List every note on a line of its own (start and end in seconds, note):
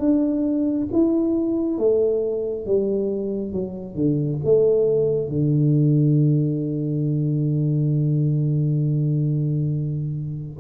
0.00 0.88 D4
0.93 1.78 E4
1.78 2.66 A3
2.66 3.53 G3
3.53 3.95 F#3
3.95 4.39 D3
4.45 5.29 A3
5.29 10.58 D3